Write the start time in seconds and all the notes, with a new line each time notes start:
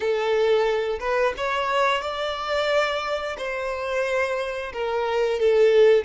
0.00 A4
0.99 B4
1.37 C#5
2.01 D5
3.37 C5
4.72 A#4
5.39 A4